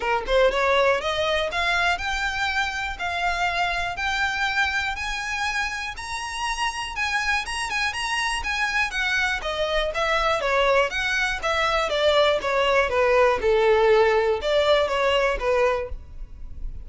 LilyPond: \new Staff \with { instrumentName = "violin" } { \time 4/4 \tempo 4 = 121 ais'8 c''8 cis''4 dis''4 f''4 | g''2 f''2 | g''2 gis''2 | ais''2 gis''4 ais''8 gis''8 |
ais''4 gis''4 fis''4 dis''4 | e''4 cis''4 fis''4 e''4 | d''4 cis''4 b'4 a'4~ | a'4 d''4 cis''4 b'4 | }